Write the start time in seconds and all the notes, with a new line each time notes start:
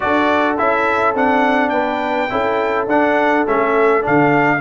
0.00 D4 F#4 A4 D5
0.58 C#4 E4 E5
1.14 C4 D4 F#5
1.69 B3 B4 G5
2.29 C#4 E4 A4
2.87 D4 F#5
3.46 A3 C#4 E5
4.01 D3 D4 F5